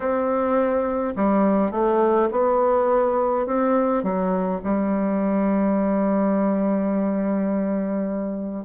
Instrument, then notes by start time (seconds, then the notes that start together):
bassoon
0.00 C4
1.16 G3
1.71 A3
2.31 B3
3.46 C4
4.03 F#3
4.63 G3